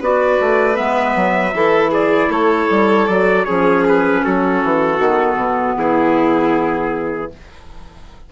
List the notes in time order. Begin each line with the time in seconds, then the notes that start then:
0.00 B3 F#4 B4 D5
0.40 A3
0.74 G#3 B3 E5
1.15 F#3
1.54 E3 E4 A4
1.91 G#4 D5
2.29 A3 A4 C#5
2.70 G3
3.07 F#3 F#4 D5
3.44 F3 C#4 G#4 C#5
3.88 B4
4.23 F#3 F#4 A4
4.63 E3
4.98 D#3 B3
5.35 B2
5.76 E3 E4 G#4